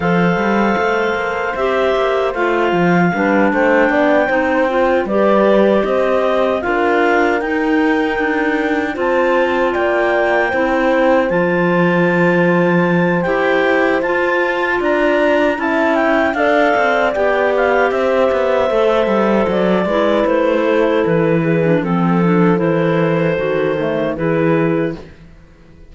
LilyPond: <<
  \new Staff \with { instrumentName = "clarinet" } { \time 4/4 \tempo 4 = 77 f''2 e''4 f''4~ | f''8 g''2 d''4 dis''8~ | dis''8 f''4 g''2 a''8~ | a''8 g''2 a''4.~ |
a''4 g''4 a''4 ais''4 | a''8 g''8 f''4 g''8 f''8 e''4~ | e''4 d''4 c''4 b'4 | a'4 c''2 b'4 | }
  \new Staff \with { instrumentName = "horn" } { \time 4/4 c''1 | b'8 c''8 d''8 c''4 b'4 c''8~ | c''8 ais'2. c''8~ | c''8 d''4 c''2~ c''8~ |
c''2. d''4 | e''4 d''2 c''4~ | c''4. b'4 a'4 gis'8 | a'2. gis'4 | }
  \new Staff \with { instrumentName = "clarinet" } { \time 4/4 a'2 g'4 f'4 | d'4. dis'8 f'8 g'4.~ | g'8 f'4 dis'2 f'8~ | f'4. e'4 f'4.~ |
f'4 g'4 f'2 | e'4 a'4 g'2 | a'4. e'2~ e'16 d'16 | c'8 d'8 e'4 fis'8 a8 e'4 | }
  \new Staff \with { instrumentName = "cello" } { \time 4/4 f8 g8 a8 ais8 c'8 ais8 a8 f8 | g8 a8 b8 c'4 g4 c'8~ | c'8 d'4 dis'4 d'4 c'8~ | c'8 ais4 c'4 f4.~ |
f4 e'4 f'4 d'4 | cis'4 d'8 c'8 b4 c'8 b8 | a8 g8 fis8 gis8 a4 e4 | f4 e4 dis4 e4 | }
>>